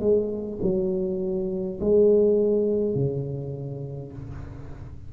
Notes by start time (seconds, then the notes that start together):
0.00 G#3
0.63 F#3
1.81 G#3
2.95 C#3